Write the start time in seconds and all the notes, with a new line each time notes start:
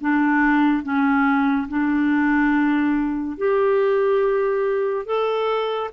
0.00 D4
0.83 C#4
1.68 D4
3.37 G4
5.06 A4